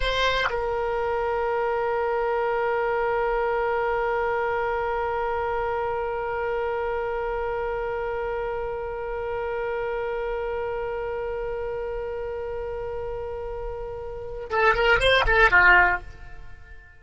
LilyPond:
\new Staff \with { instrumentName = "oboe" } { \time 4/4 \tempo 4 = 120 c''4 ais'2.~ | ais'1~ | ais'1~ | ais'1~ |
ais'1~ | ais'1~ | ais'1~ | ais'4 a'8 ais'8 c''8 a'8 f'4 | }